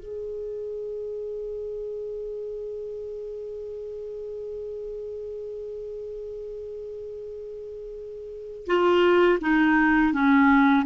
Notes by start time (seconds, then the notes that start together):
0.00 G#4
8.67 F4
9.41 D#4
10.13 C#4